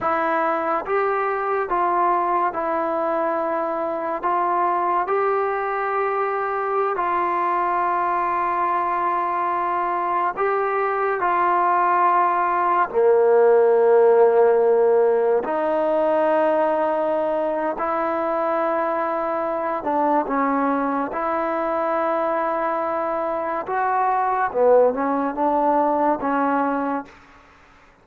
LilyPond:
\new Staff \with { instrumentName = "trombone" } { \time 4/4 \tempo 4 = 71 e'4 g'4 f'4 e'4~ | e'4 f'4 g'2~ | g'16 f'2.~ f'8.~ | f'16 g'4 f'2 ais8.~ |
ais2~ ais16 dis'4.~ dis'16~ | dis'4 e'2~ e'8 d'8 | cis'4 e'2. | fis'4 b8 cis'8 d'4 cis'4 | }